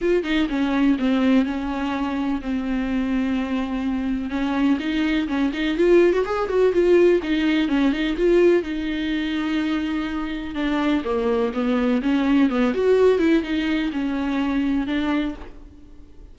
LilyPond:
\new Staff \with { instrumentName = "viola" } { \time 4/4 \tempo 4 = 125 f'8 dis'8 cis'4 c'4 cis'4~ | cis'4 c'2.~ | c'4 cis'4 dis'4 cis'8 dis'8 | f'8. fis'16 gis'8 fis'8 f'4 dis'4 |
cis'8 dis'8 f'4 dis'2~ | dis'2 d'4 ais4 | b4 cis'4 b8 fis'4 e'8 | dis'4 cis'2 d'4 | }